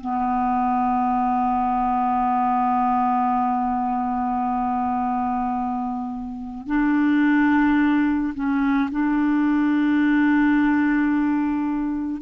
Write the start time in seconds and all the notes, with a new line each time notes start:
0.00 B3
6.67 D4
8.34 C#4
8.91 D4